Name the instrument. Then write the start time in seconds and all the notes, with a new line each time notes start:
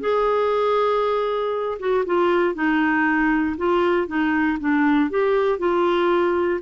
clarinet
0.00 G#4
1.79 F#4
2.05 F4
2.54 D#4
3.57 F4
4.07 D#4
4.60 D4
5.10 G4
5.58 F4